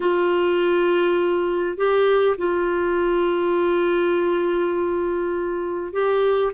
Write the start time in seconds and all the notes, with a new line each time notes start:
0.00 F4
1.77 G4
2.37 F4
5.92 G4